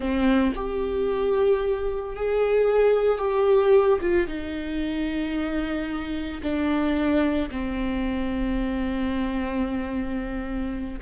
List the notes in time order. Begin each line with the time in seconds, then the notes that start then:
0.00 C4
0.55 G4
2.16 G#4
3.18 G4
4.01 F4
4.27 D#4
6.42 D4
7.50 C4